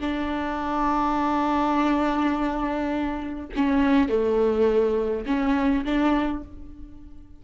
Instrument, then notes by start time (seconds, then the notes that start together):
viola
0.00 D4
3.56 C#4
4.09 A3
5.26 C#4
5.85 D4